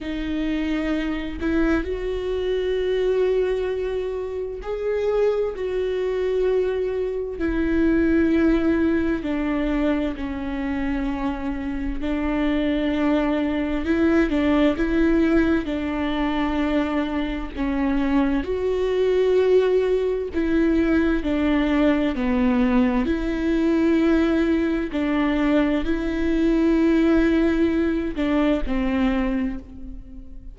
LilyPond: \new Staff \with { instrumentName = "viola" } { \time 4/4 \tempo 4 = 65 dis'4. e'8 fis'2~ | fis'4 gis'4 fis'2 | e'2 d'4 cis'4~ | cis'4 d'2 e'8 d'8 |
e'4 d'2 cis'4 | fis'2 e'4 d'4 | b4 e'2 d'4 | e'2~ e'8 d'8 c'4 | }